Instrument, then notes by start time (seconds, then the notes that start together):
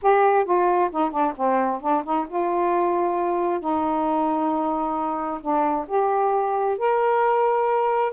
saxophone
0.02 G4
0.44 F4
0.91 D#4
1.11 D4
1.36 C4
1.80 D4
2.04 D#4
2.28 F4
3.60 D#4
5.40 D4
5.87 G4
6.78 A#4